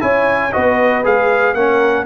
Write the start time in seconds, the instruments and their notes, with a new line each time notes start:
0.00 tuba C#4, trombone E4, horn C#5, trumpet G#5
0.52 tuba B3, trombone F#4, horn B4, trumpet D#5
1.04 tuba G#3, trombone G#4, trumpet F5
1.54 tuba A#3, trombone C#4, horn A#4, trumpet F#5